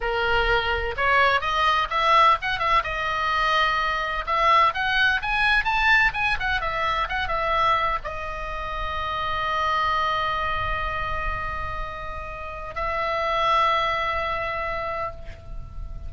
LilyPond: \new Staff \with { instrumentName = "oboe" } { \time 4/4 \tempo 4 = 127 ais'2 cis''4 dis''4 | e''4 fis''8 e''8 dis''2~ | dis''4 e''4 fis''4 gis''4 | a''4 gis''8 fis''8 e''4 fis''8 e''8~ |
e''4 dis''2.~ | dis''1~ | dis''2. e''4~ | e''1 | }